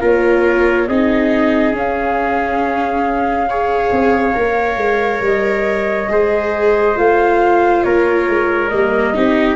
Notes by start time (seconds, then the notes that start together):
0.00 A#3 F4 A#4 C#5
0.87 C4 D#4 G#4 D#5
1.73 C#4 F5
3.49 G#4 C#5
3.91 C4
4.34 A#3 A#4
4.76 G#3
5.20 G3 D#5
6.09 G#3 G#4 C5
6.95 A3 F4 F5
7.83 A#3 A#4 C#5
8.28 G#3
8.68 G3 A#3 D#5
9.14 C4 D#4 G4